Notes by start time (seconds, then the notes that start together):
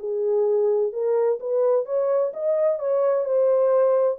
0.00 G#4
0.93 A#4
1.40 B4
1.86 C#5
2.34 D#5
2.79 C#5
3.25 C5